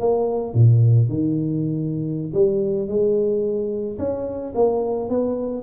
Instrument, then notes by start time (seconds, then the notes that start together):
tuba
0.00 A#3
0.54 A#2
1.09 D#3
2.34 G3
2.88 G#3
3.99 C#4
4.55 A#3
5.10 B3